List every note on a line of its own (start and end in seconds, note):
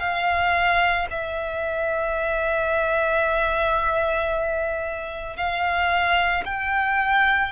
0.00 1.07 F5
1.11 5.37 E5
5.37 6.44 F5
6.45 7.52 G5